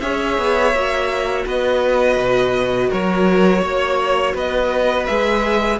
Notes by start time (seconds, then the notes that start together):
0.00 C#4 G#4 C#5 E5
0.37 B3
0.73 A#3 F#4
1.45 B3 B4 D#5
2.16 B2
2.89 F#3 A#4 C#5
3.61 A#3 C#5
4.34 B3 B4 D#5
5.06 G#3 G#4 E5